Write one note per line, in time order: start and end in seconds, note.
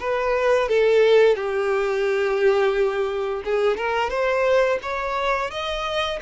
0.00 0.69 B4
0.69 1.36 A4
1.36 3.43 G4
3.45 3.77 G#4
3.77 4.10 A#4
4.10 4.79 C5
4.82 5.51 C#5
5.51 6.20 D#5